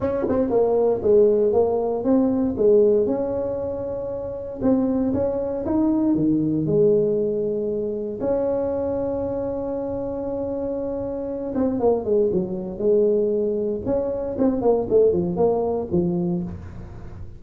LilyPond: \new Staff \with { instrumentName = "tuba" } { \time 4/4 \tempo 4 = 117 cis'8 c'8 ais4 gis4 ais4 | c'4 gis4 cis'2~ | cis'4 c'4 cis'4 dis'4 | dis4 gis2. |
cis'1~ | cis'2~ cis'8 c'8 ais8 gis8 | fis4 gis2 cis'4 | c'8 ais8 a8 f8 ais4 f4 | }